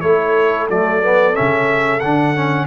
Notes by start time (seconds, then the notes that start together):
0.00 A3 E4 A4 C#5
0.69 F#3 A3 D5
1.02 B3
1.33 C#4 E5
1.39 C#3
2.00 D3 D4 F#5
2.35 C#4